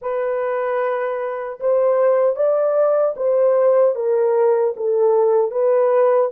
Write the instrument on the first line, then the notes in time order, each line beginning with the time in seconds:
horn
0.01 B4
1.60 C5
2.35 D5
3.16 C5
3.95 A#4
4.76 A4
5.51 B4